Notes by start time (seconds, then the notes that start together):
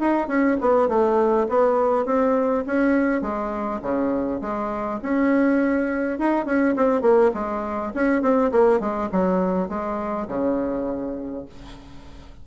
0.00 D#4
0.28 C#4
0.61 B3
0.89 A3
1.49 B3
2.06 C4
2.67 C#4
3.22 G#3
3.82 C#3
4.41 G#3
5.03 C#4
6.19 D#4
6.46 C#4
6.76 C4
7.02 A#3
7.34 G#3
7.95 C#4
8.22 C4
8.52 A#3
8.80 G#3
9.12 F#3
9.69 G#3
10.28 C#3